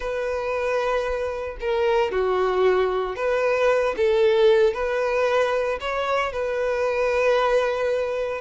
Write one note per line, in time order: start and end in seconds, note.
0.00 1.57 B4
1.60 2.11 A#4
2.11 3.16 F#4
3.16 3.95 B4
3.96 4.73 A4
4.73 5.78 B4
5.80 6.32 C#5
6.32 8.41 B4